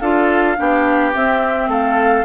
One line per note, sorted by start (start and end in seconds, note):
0.00 0.57 D4
0.00 0.57 F4
0.00 0.57 A4
0.00 1.12 F5
0.57 1.15 B3
0.57 1.13 D4
0.57 1.70 G4
1.13 2.25 C4
1.13 1.68 C4
1.13 1.70 E5
1.68 2.24 A3
1.68 2.25 A4
1.68 2.25 F5